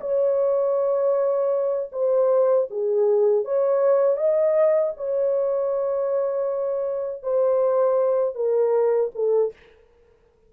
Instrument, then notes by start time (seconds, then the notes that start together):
horn
0.00 C#5
1.92 C5
2.70 G#4
3.45 C#5
4.17 D#5
4.96 C#5
7.22 C5
8.34 A#4
9.14 A4